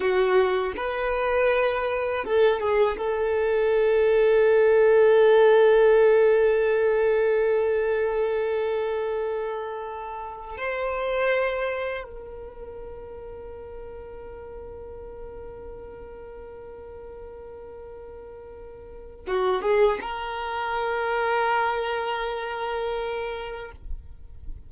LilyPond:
\new Staff \with { instrumentName = "violin" } { \time 4/4 \tempo 4 = 81 fis'4 b'2 a'8 gis'8 | a'1~ | a'1~ | a'2~ a'16 c''4.~ c''16~ |
c''16 ais'2.~ ais'8.~ | ais'1~ | ais'2 fis'8 gis'8 ais'4~ | ais'1 | }